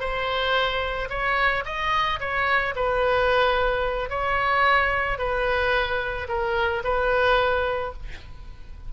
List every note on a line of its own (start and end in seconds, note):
0.00 1.09 C5
1.10 1.64 C#5
1.65 2.20 D#5
2.20 2.75 C#5
2.76 4.10 B4
4.10 5.19 C#5
5.19 6.28 B4
6.29 6.83 A#4
6.84 7.93 B4